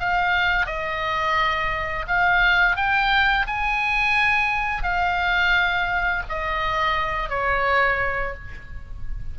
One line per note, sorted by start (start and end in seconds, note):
0.00 0.67 F5
0.67 2.06 D#5
2.08 2.77 F5
2.77 3.46 G5
3.47 4.83 G#5
4.83 6.23 F5
6.29 7.30 D#5
7.30 8.35 C#5